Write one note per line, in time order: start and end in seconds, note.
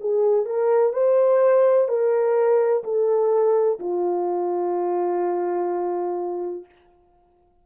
0.00 0.45 G#4
0.45 0.93 A#4
0.93 1.88 C5
1.88 2.83 A#4
2.84 3.79 A4
3.79 6.65 F4